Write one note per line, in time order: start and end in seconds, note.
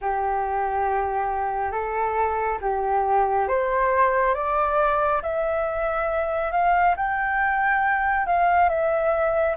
0.01 1.71 G4
1.71 2.58 A4
2.61 3.47 G4
3.47 4.34 C5
4.34 5.21 D5
5.22 6.51 E5
6.51 6.95 F5
6.96 8.26 G5
8.26 8.69 F5
8.69 9.56 E5